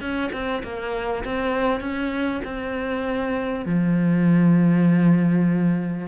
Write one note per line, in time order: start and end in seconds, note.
0.00 0.30 C#4
0.32 0.62 C4
0.63 1.24 A#3
1.24 1.80 C4
1.80 2.41 C#4
2.44 3.65 C4
3.65 6.07 F3